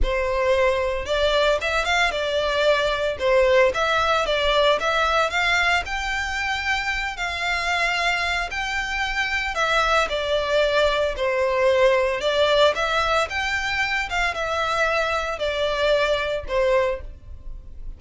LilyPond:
\new Staff \with { instrumentName = "violin" } { \time 4/4 \tempo 4 = 113 c''2 d''4 e''8 f''8 | d''2 c''4 e''4 | d''4 e''4 f''4 g''4~ | g''4. f''2~ f''8 |
g''2 e''4 d''4~ | d''4 c''2 d''4 | e''4 g''4. f''8 e''4~ | e''4 d''2 c''4 | }